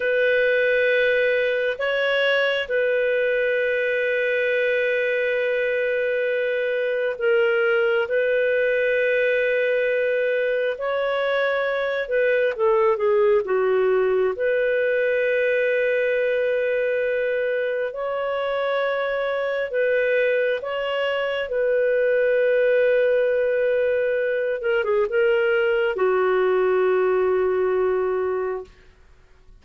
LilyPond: \new Staff \with { instrumentName = "clarinet" } { \time 4/4 \tempo 4 = 67 b'2 cis''4 b'4~ | b'1 | ais'4 b'2. | cis''4. b'8 a'8 gis'8 fis'4 |
b'1 | cis''2 b'4 cis''4 | b'2.~ b'8 ais'16 gis'16 | ais'4 fis'2. | }